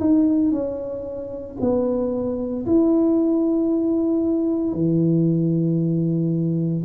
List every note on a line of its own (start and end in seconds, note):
0.00 0.51 D#4
0.51 1.56 C#4
1.60 2.66 B3
2.66 4.73 E4
4.73 6.83 E3